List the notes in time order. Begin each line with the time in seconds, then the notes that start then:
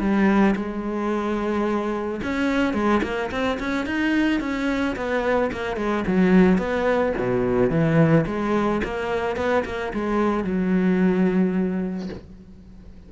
0.00 G3
0.56 G#3
2.24 C#4
2.74 G#3
3.03 A#3
3.32 C4
3.60 C#4
3.86 D#4
4.41 C#4
4.96 B3
5.52 A#3
5.77 G#3
6.08 F#3
6.58 B3
7.18 B2
7.70 E3
8.27 G#3
8.84 A#3
9.37 B3
9.66 A#3
9.94 G#3
10.44 F#3